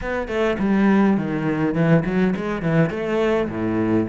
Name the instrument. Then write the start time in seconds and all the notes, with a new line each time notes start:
cello
0.01 B3
0.28 A3
0.58 G3
1.17 D#3
1.74 E3
2.05 F#3
2.35 G#3
2.62 E3
2.90 A3
3.48 A2